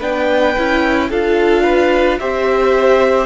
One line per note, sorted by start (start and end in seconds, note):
0.00 0.56 B3
0.00 0.56 D4
0.00 1.09 B4
0.00 1.11 G5
0.58 1.11 C#4
0.58 1.12 E4
1.10 2.20 D4
1.10 2.20 F4
1.10 1.64 A4
1.10 2.20 F5
1.64 2.18 B4
2.20 3.26 C4
2.20 3.26 G4
2.20 3.26 C5
2.20 3.26 E5